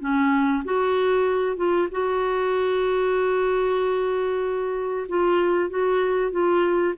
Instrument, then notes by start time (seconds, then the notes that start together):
clarinet
0.00 C#4
0.64 F#4
1.56 F4
1.91 F#4
5.08 F4
5.70 F#4
6.31 F4